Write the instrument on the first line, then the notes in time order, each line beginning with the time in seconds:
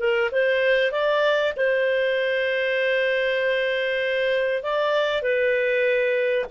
clarinet
0.00 A#4
0.32 C5
0.92 D5
1.57 C5
4.63 D5
5.23 B4